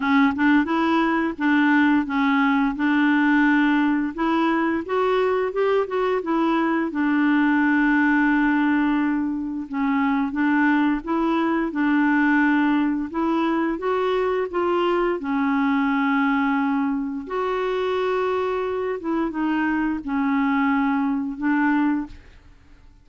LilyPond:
\new Staff \with { instrumentName = "clarinet" } { \time 4/4 \tempo 4 = 87 cis'8 d'8 e'4 d'4 cis'4 | d'2 e'4 fis'4 | g'8 fis'8 e'4 d'2~ | d'2 cis'4 d'4 |
e'4 d'2 e'4 | fis'4 f'4 cis'2~ | cis'4 fis'2~ fis'8 e'8 | dis'4 cis'2 d'4 | }